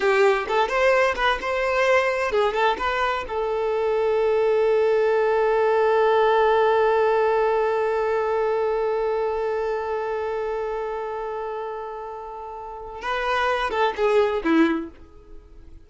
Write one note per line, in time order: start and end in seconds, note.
0.00 0.46 G4
0.48 0.68 A4
0.68 1.15 C5
1.15 1.38 B4
1.41 2.31 C5
2.31 2.53 G#4
2.53 2.76 A4
2.78 3.24 B4
3.27 13.01 A4
13.01 13.70 B4
13.70 13.93 A4
13.96 14.42 G#4
14.43 14.90 E4